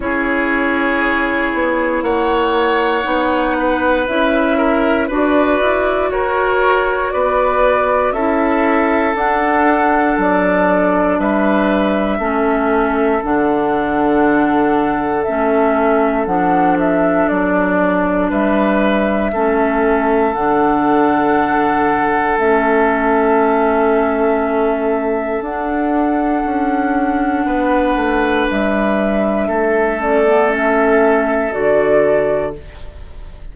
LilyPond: <<
  \new Staff \with { instrumentName = "flute" } { \time 4/4 \tempo 4 = 59 cis''2 fis''2 | e''4 d''4 cis''4 d''4 | e''4 fis''4 d''4 e''4~ | e''4 fis''2 e''4 |
fis''8 e''8 d''4 e''2 | fis''2 e''2~ | e''4 fis''2. | e''4. d''8 e''4 d''4 | }
  \new Staff \with { instrumentName = "oboe" } { \time 4/4 gis'2 cis''4. b'8~ | b'8 ais'8 b'4 ais'4 b'4 | a'2. b'4 | a'1~ |
a'2 b'4 a'4~ | a'1~ | a'2. b'4~ | b'4 a'2. | }
  \new Staff \with { instrumentName = "clarinet" } { \time 4/4 e'2. dis'4 | e'4 fis'2. | e'4 d'2. | cis'4 d'2 cis'4 |
d'2. cis'4 | d'2 cis'2~ | cis'4 d'2.~ | d'4. cis'16 b16 cis'4 fis'4 | }
  \new Staff \with { instrumentName = "bassoon" } { \time 4/4 cis'4. b8 ais4 b4 | cis'4 d'8 e'8 fis'4 b4 | cis'4 d'4 fis4 g4 | a4 d2 a4 |
f4 fis4 g4 a4 | d2 a2~ | a4 d'4 cis'4 b8 a8 | g4 a2 d4 | }
>>